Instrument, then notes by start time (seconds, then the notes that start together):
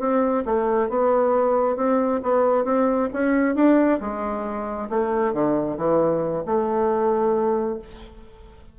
bassoon
0.00 C4
0.45 A3
0.90 B3
1.77 C4
2.23 B3
2.65 C4
3.14 C#4
3.56 D4
4.01 G#3
4.90 A3
5.33 D3
5.78 E3
6.46 A3